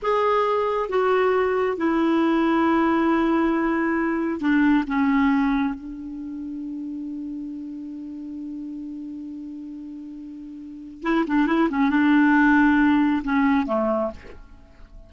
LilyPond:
\new Staff \with { instrumentName = "clarinet" } { \time 4/4 \tempo 4 = 136 gis'2 fis'2 | e'1~ | e'2 d'4 cis'4~ | cis'4 d'2.~ |
d'1~ | d'1~ | d'4 e'8 d'8 e'8 cis'8 d'4~ | d'2 cis'4 a4 | }